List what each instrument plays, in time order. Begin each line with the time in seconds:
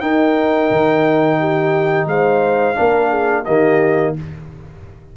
0.00 trombone D#4, tuba D#4, horn A#4, trumpet G5
0.71 tuba D#3
1.39 horn G4
2.06 tuba G#3, horn C5, trumpet F5
2.75 tuba A#3, trombone D4, horn A#4
3.09 horn G#4
3.45 tuba D#3, trombone A#3, horn G4, trumpet D#5